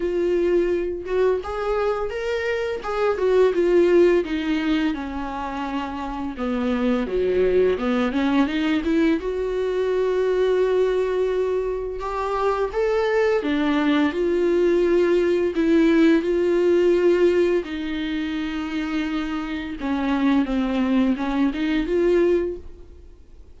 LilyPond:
\new Staff \with { instrumentName = "viola" } { \time 4/4 \tempo 4 = 85 f'4. fis'8 gis'4 ais'4 | gis'8 fis'8 f'4 dis'4 cis'4~ | cis'4 b4 fis4 b8 cis'8 | dis'8 e'8 fis'2.~ |
fis'4 g'4 a'4 d'4 | f'2 e'4 f'4~ | f'4 dis'2. | cis'4 c'4 cis'8 dis'8 f'4 | }